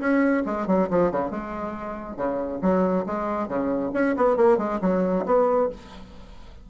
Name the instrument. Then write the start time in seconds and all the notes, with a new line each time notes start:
bassoon
0.00 C#4
0.46 G#3
0.67 F#3
0.91 F3
1.12 C#3
1.31 G#3
2.17 C#3
2.62 F#3
3.07 G#3
3.48 C#3
3.94 C#4
4.17 B3
4.37 A#3
4.58 G#3
4.82 F#3
5.26 B3